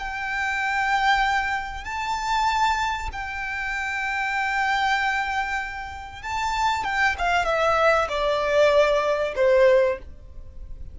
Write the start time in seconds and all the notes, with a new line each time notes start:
0.00 G5
1.85 A5
3.13 G5
6.23 A5
6.85 G5
7.19 F5
7.46 E5
8.09 D5
9.36 C5